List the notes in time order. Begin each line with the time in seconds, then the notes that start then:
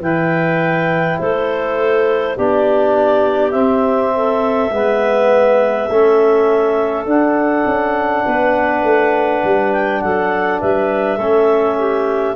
0.00 E3 E4 B4 G5
1.19 A3 A4 C5
2.36 B3 D4 G4 D5
3.51 C4 E5
4.14 A4
4.71 G#3 B3 B4
5.89 A3 C#4 A4
7.05 D4 F#5
7.66 C#4
8.25 B3 B4
8.83 A3
9.44 G3
9.72 G5
10.01 F#3 A4 F#5
10.60 G3 B4 E5
11.17 A3 C#4 A4
11.78 G4